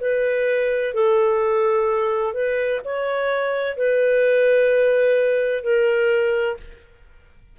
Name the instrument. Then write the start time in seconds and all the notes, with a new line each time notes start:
clarinet
0.00 B4
0.94 A4
2.34 B4
2.84 C#5
3.77 B4
5.63 A#4